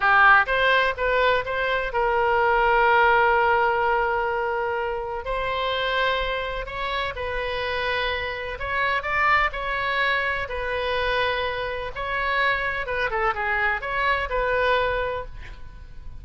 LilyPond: \new Staff \with { instrumentName = "oboe" } { \time 4/4 \tempo 4 = 126 g'4 c''4 b'4 c''4 | ais'1~ | ais'2. c''4~ | c''2 cis''4 b'4~ |
b'2 cis''4 d''4 | cis''2 b'2~ | b'4 cis''2 b'8 a'8 | gis'4 cis''4 b'2 | }